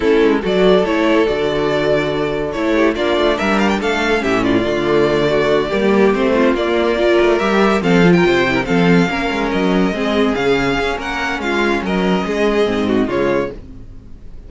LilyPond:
<<
  \new Staff \with { instrumentName = "violin" } { \time 4/4 \tempo 4 = 142 a'4 d''4 cis''4 d''4~ | d''2 cis''4 d''4 | e''8 f''16 g''16 f''4 e''8 d''4.~ | d''2~ d''8 c''4 d''8~ |
d''4. e''4 f''8. g''8.~ | g''8 f''2 dis''4.~ | dis''8 f''4. fis''4 f''4 | dis''2. cis''4 | }
  \new Staff \with { instrumentName = "violin" } { \time 4/4 e'4 a'2.~ | a'2~ a'8 g'8 f'4 | ais'4 a'4 g'8 f'4.~ | f'8 fis'4 g'4. f'4~ |
f'8 ais'2 a'8. ais'16 c''8~ | c''16 ais'16 a'4 ais'2 gis'8~ | gis'2 ais'4 f'4 | ais'4 gis'4. fis'8 f'4 | }
  \new Staff \with { instrumentName = "viola" } { \time 4/4 cis'4 fis'4 e'4 fis'4~ | fis'2 e'4 d'4~ | d'2 cis'4 a4~ | a4. ais4 c'4 ais8~ |
ais8 f'4 g'4 c'8 f'4 | e'8 c'4 cis'2 c'8~ | c'8 cis'2.~ cis'8~ | cis'2 c'4 gis4 | }
  \new Staff \with { instrumentName = "cello" } { \time 4/4 a8 gis8 fis4 a4 d4~ | d2 a4 ais8 a8 | g4 a4 a,4 d4~ | d4. g4 a4 ais8~ |
ais4 a8 g4 f4 c8~ | c8 f4 ais8 gis8 fis4 gis8~ | gis8 cis4 cis'8 ais4 gis4 | fis4 gis4 gis,4 cis4 | }
>>